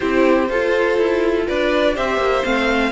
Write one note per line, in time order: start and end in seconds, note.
0.00 0.49 C4
0.00 0.49 E4
0.00 0.48 G4
0.00 1.44 C5
0.49 0.98 F4
0.49 1.94 F4
0.49 1.47 A4
0.98 1.46 E4
1.47 1.97 D4
1.47 1.95 B4
1.47 1.96 D5
1.94 2.17 C4
1.94 2.43 G4
1.94 2.91 C5
1.94 2.44 E5
2.17 2.42 A#3
2.44 2.91 A3
2.44 2.91 C4
2.44 2.91 F5